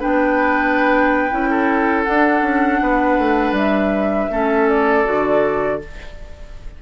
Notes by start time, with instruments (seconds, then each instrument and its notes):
0.00 bassoon B3, clarinet D4, oboe B4, flute G5
1.31 bassoon C#4, clarinet E4
1.50 oboe A4
2.04 clarinet D4, bassoon D4, flute F#5
2.42 bassoon C#4
2.82 bassoon B3, oboe B4
3.18 bassoon A3
3.52 bassoon G3, flute E5
4.30 bassoon A3, clarinet C#4, oboe A4
4.69 flute D5
5.05 bassoon D3, clarinet F#4